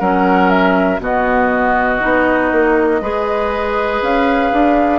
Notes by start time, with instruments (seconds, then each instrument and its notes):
0.00 bassoon F#3, clarinet C#4, oboe A#4, flute F#5
0.50 flute E5
1.00 bassoon B2, clarinet B3, oboe F#4, flute D#5
2.00 bassoon B3, clarinet D#4
2.52 bassoon A#3
3.01 bassoon G#3, clarinet G#4, oboe B4
4.02 bassoon C#4, flute F5
4.52 bassoon D4